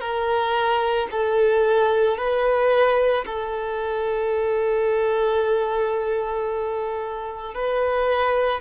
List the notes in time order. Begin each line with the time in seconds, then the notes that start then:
0.00 A#4
1.11 A4
2.17 B4
3.25 A4
7.54 B4